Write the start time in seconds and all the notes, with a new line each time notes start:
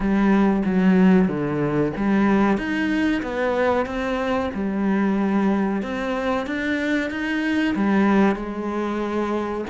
0.00 G3
0.65 F#3
1.28 D3
1.96 G3
2.57 D#4
3.22 B3
3.86 C4
4.54 G3
5.82 C4
6.46 D4
7.10 D#4
7.75 G3
8.35 G#3